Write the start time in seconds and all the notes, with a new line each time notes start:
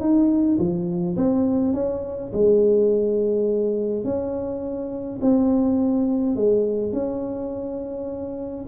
0.00 D#4
0.58 F3
1.16 C4
1.73 C#4
2.33 G#3
4.04 C#4
5.21 C4
6.36 G#3
6.92 C#4